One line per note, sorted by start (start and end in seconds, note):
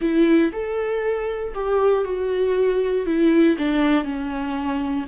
0.01 0.52 E4
0.52 1.53 A4
1.54 2.04 G4
2.04 3.05 F#4
3.05 3.56 E4
3.58 4.04 D4
4.04 5.05 C#4